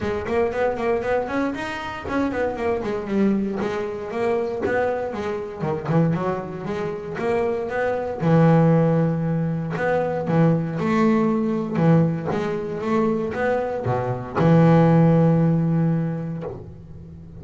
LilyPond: \new Staff \with { instrumentName = "double bass" } { \time 4/4 \tempo 4 = 117 gis8 ais8 b8 ais8 b8 cis'8 dis'4 | cis'8 b8 ais8 gis8 g4 gis4 | ais4 b4 gis4 dis8 e8 | fis4 gis4 ais4 b4 |
e2. b4 | e4 a2 e4 | gis4 a4 b4 b,4 | e1 | }